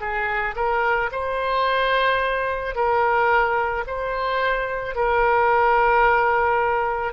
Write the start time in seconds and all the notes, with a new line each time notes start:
0.00 G#4
0.56 A#4
1.12 C5
2.75 A#4
3.87 C5
4.95 A#4